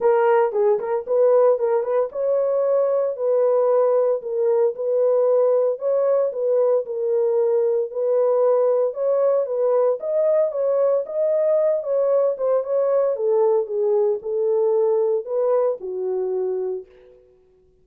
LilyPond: \new Staff \with { instrumentName = "horn" } { \time 4/4 \tempo 4 = 114 ais'4 gis'8 ais'8 b'4 ais'8 b'8 | cis''2 b'2 | ais'4 b'2 cis''4 | b'4 ais'2 b'4~ |
b'4 cis''4 b'4 dis''4 | cis''4 dis''4. cis''4 c''8 | cis''4 a'4 gis'4 a'4~ | a'4 b'4 fis'2 | }